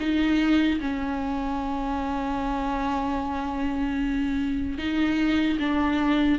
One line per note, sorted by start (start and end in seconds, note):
0.00 0.80 D#4
0.81 4.79 C#4
4.79 5.59 D#4
5.60 6.39 D4